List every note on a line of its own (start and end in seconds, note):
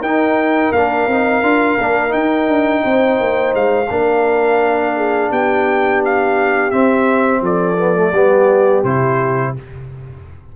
0.00 0.71 D#4
0.00 0.74 D#4
0.00 2.82 A#4
0.00 0.72 G5
0.72 1.07 A#3
0.72 1.10 D4
0.72 2.12 F5
1.07 1.42 C4
1.07 1.43 D#4
1.42 1.78 D4
1.42 1.78 F4
1.79 2.13 A#3
1.79 2.09 D4
2.09 3.85 D#4
2.09 2.48 D#4
2.09 3.54 G5
2.48 2.83 D4
2.83 3.20 C4
2.83 3.89 C5
3.20 3.54 A#3
3.54 3.90 G#3
3.54 5.31 F5
3.90 5.31 A#3
3.90 6.71 D4
3.90 4.96 A#4
4.96 5.30 G#4
5.30 6.72 B3
5.30 7.42 G4
5.30 6.02 G5
6.05 6.71 F5
6.71 7.77 C4
6.71 7.41 C4
6.71 7.41 E5
7.41 8.12 F3
7.41 8.12 A4
7.41 8.84 D5
7.77 7.95 B3
7.95 8.12 A3
8.12 8.83 G3
8.12 8.85 B3
8.12 9.53 G4
8.83 9.54 C3
8.83 9.56 E4
8.83 9.55 C5